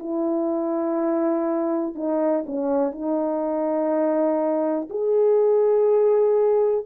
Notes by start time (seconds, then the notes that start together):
0.00 E4
1.95 D#4
2.47 C#4
2.92 D#4
4.90 G#4